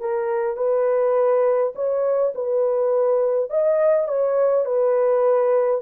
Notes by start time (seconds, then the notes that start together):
0.00 A#4
0.57 B4
1.75 C#5
2.35 B4
3.50 D#5
4.08 C#5
4.65 B4